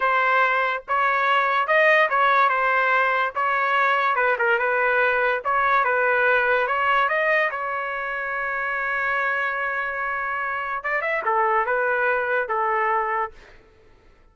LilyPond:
\new Staff \with { instrumentName = "trumpet" } { \time 4/4 \tempo 4 = 144 c''2 cis''2 | dis''4 cis''4 c''2 | cis''2 b'8 ais'8 b'4~ | b'4 cis''4 b'2 |
cis''4 dis''4 cis''2~ | cis''1~ | cis''2 d''8 e''8 a'4 | b'2 a'2 | }